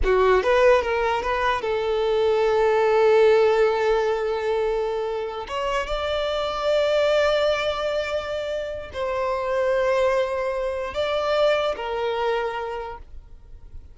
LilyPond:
\new Staff \with { instrumentName = "violin" } { \time 4/4 \tempo 4 = 148 fis'4 b'4 ais'4 b'4 | a'1~ | a'1~ | a'4. cis''4 d''4.~ |
d''1~ | d''2 c''2~ | c''2. d''4~ | d''4 ais'2. | }